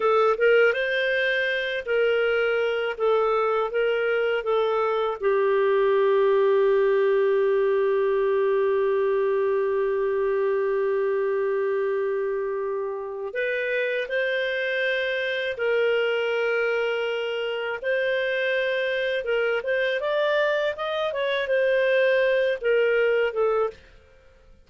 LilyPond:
\new Staff \with { instrumentName = "clarinet" } { \time 4/4 \tempo 4 = 81 a'8 ais'8 c''4. ais'4. | a'4 ais'4 a'4 g'4~ | g'1~ | g'1~ |
g'2 b'4 c''4~ | c''4 ais'2. | c''2 ais'8 c''8 d''4 | dis''8 cis''8 c''4. ais'4 a'8 | }